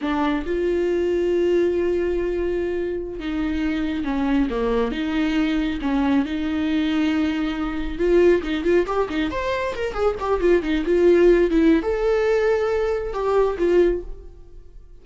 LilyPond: \new Staff \with { instrumentName = "viola" } { \time 4/4 \tempo 4 = 137 d'4 f'2.~ | f'2.~ f'16 dis'8.~ | dis'4~ dis'16 cis'4 ais4 dis'8.~ | dis'4~ dis'16 cis'4 dis'4.~ dis'16~ |
dis'2~ dis'16 f'4 dis'8 f'16~ | f'16 g'8 dis'8 c''4 ais'8 gis'8 g'8 f'16~ | f'16 dis'8 f'4. e'8. a'4~ | a'2 g'4 f'4 | }